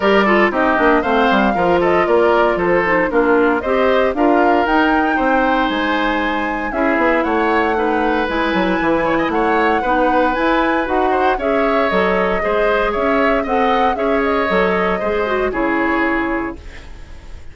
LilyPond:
<<
  \new Staff \with { instrumentName = "flute" } { \time 4/4 \tempo 4 = 116 d''4 dis''4 f''4. dis''8 | d''4 c''4 ais'4 dis''4 | f''4 g''2 gis''4~ | gis''4 e''4 fis''2 |
gis''2 fis''2 | gis''4 fis''4 e''4 dis''4~ | dis''4 e''4 fis''4 e''8 dis''8~ | dis''2 cis''2 | }
  \new Staff \with { instrumentName = "oboe" } { \time 4/4 ais'8 a'8 g'4 c''4 ais'8 a'8 | ais'4 a'4 f'4 c''4 | ais'2 c''2~ | c''4 gis'4 cis''4 b'4~ |
b'4. cis''16 dis''16 cis''4 b'4~ | b'4. c''8 cis''2 | c''4 cis''4 dis''4 cis''4~ | cis''4 c''4 gis'2 | }
  \new Staff \with { instrumentName = "clarinet" } { \time 4/4 g'8 f'8 dis'8 d'8 c'4 f'4~ | f'4. dis'8 d'4 g'4 | f'4 dis'2.~ | dis'4 e'2 dis'4 |
e'2. dis'4 | e'4 fis'4 gis'4 a'4 | gis'2 a'4 gis'4 | a'4 gis'8 fis'8 e'2 | }
  \new Staff \with { instrumentName = "bassoon" } { \time 4/4 g4 c'8 ais8 a8 g8 f4 | ais4 f4 ais4 c'4 | d'4 dis'4 c'4 gis4~ | gis4 cis'8 b8 a2 |
gis8 fis8 e4 a4 b4 | e'4 dis'4 cis'4 fis4 | gis4 cis'4 c'4 cis'4 | fis4 gis4 cis2 | }
>>